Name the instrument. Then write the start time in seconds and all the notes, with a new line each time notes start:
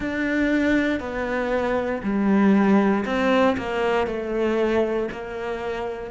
cello
0.00 D4
0.99 B3
2.03 G3
3.05 C4
3.57 A#3
4.07 A3
5.11 A#3